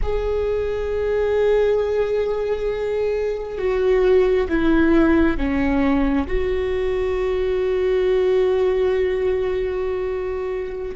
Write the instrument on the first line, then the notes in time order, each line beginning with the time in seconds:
viola
0.02 G#4
3.58 F#4
4.48 E4
5.37 C#4
6.27 F#4